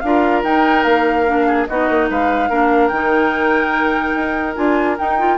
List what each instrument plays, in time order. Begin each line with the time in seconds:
0.00 bassoon D4, clarinet F4, oboe A#4, flute F5
0.43 bassoon D#4, clarinet D#4, flute G5
0.83 bassoon A#3, flute F5
1.26 clarinet D4
1.47 oboe G#4
1.67 bassoon B3, clarinet D#4, oboe F#4, flute D#5
1.89 bassoon A#3
2.10 bassoon G#3, oboe B4, flute F5
2.49 bassoon A#3, clarinet D4, oboe A#4
2.88 bassoon D#3, clarinet D#4, flute G5
4.15 bassoon D#4
4.55 bassoon D4, clarinet F4, flute G#5
4.98 clarinet D#4, bassoon D#4, flute G5
5.19 clarinet F4